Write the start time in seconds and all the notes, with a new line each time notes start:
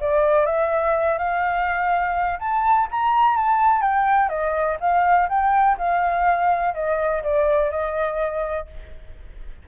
0.00 D5
0.46 E5
1.18 F5
2.39 A5
2.91 A#5
3.36 A5
3.81 G5
4.29 D#5
4.80 F5
5.29 G5
5.77 F5
6.74 D#5
7.23 D5
7.70 D#5